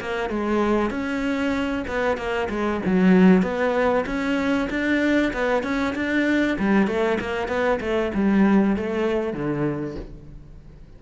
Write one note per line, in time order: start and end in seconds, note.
0.00 0.29 A#3
0.29 0.90 G#3
0.90 1.84 C#4
1.87 2.17 B3
2.17 2.48 A#3
2.49 2.81 G#3
2.85 3.42 F#3
3.42 4.05 B3
4.05 4.68 C#4
4.69 5.32 D4
5.33 5.63 B3
5.63 5.94 C#4
5.95 6.57 D4
6.59 6.87 G3
6.87 7.18 A3
7.20 7.48 A#3
7.48 7.79 B3
7.80 8.11 A3
8.14 8.76 G3
8.76 9.33 A3
9.33 9.95 D3